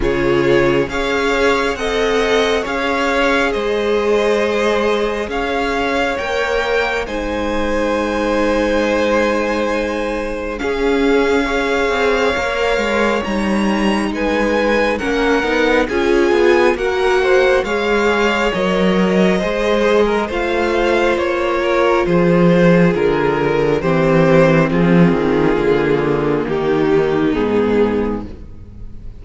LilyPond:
<<
  \new Staff \with { instrumentName = "violin" } { \time 4/4 \tempo 4 = 68 cis''4 f''4 fis''4 f''4 | dis''2 f''4 g''4 | gis''1 | f''2. ais''4 |
gis''4 fis''4 gis''4 fis''4 | f''4 dis''2 f''4 | cis''4 c''4 ais'4 c''4 | gis'2 g'4 gis'4 | }
  \new Staff \with { instrumentName = "violin" } { \time 4/4 gis'4 cis''4 dis''4 cis''4 | c''2 cis''2 | c''1 | gis'4 cis''2. |
b'4 ais'4 gis'4 ais'8 c''8 | cis''2 c''8. ais'16 c''4~ | c''8 ais'8 gis'2 g'4 | f'2 dis'2 | }
  \new Staff \with { instrumentName = "viola" } { \time 4/4 f'4 gis'4 a'4 gis'4~ | gis'2. ais'4 | dis'1 | cis'4 gis'4 ais'4 dis'4~ |
dis'4 cis'8 dis'8 f'4 fis'4 | gis'4 ais'4 gis'4 f'4~ | f'2. c'4~ | c'4 ais2 b4 | }
  \new Staff \with { instrumentName = "cello" } { \time 4/4 cis4 cis'4 c'4 cis'4 | gis2 cis'4 ais4 | gis1 | cis'4. c'8 ais8 gis8 g4 |
gis4 ais8 b8 cis'8 b8 ais4 | gis4 fis4 gis4 a4 | ais4 f4 d4 e4 | f8 dis8 d4 dis4 gis,4 | }
>>